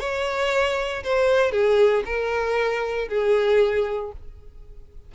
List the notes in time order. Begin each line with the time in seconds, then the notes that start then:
0.00 C#5
1.04 C5
1.52 G#4
2.05 A#4
3.09 G#4